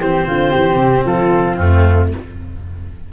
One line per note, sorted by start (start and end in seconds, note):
0.00 0.26 E3
0.00 1.60 C4
0.00 0.26 G4
0.00 1.06 C5
0.27 0.54 D3
0.27 0.52 F4
0.52 0.76 E3
0.52 1.04 G4
0.76 1.02 C3
1.06 1.58 F3
1.06 1.57 F4
1.06 1.57 A4
1.57 2.10 F2
1.57 2.13 A3
1.57 2.10 C4
1.57 2.09 F4